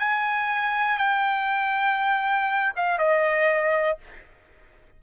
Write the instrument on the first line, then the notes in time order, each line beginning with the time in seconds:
trumpet
0.00 G#5
0.98 G5
2.76 F5
2.99 D#5